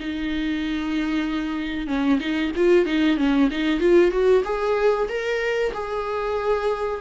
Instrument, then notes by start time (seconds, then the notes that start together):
viola
0.00 D#4
1.87 C#4
2.20 D#4
2.56 F4
2.85 D#4
3.17 C#4
3.51 D#4
3.80 F4
4.11 F#4
4.44 G#4
5.08 A#4
5.73 G#4